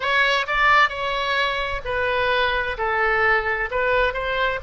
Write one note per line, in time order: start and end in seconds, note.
0.00 0.46 C#5
0.46 0.89 D5
0.89 1.81 C#5
1.84 2.77 B4
2.77 3.69 A4
3.70 4.13 B4
4.13 4.59 C5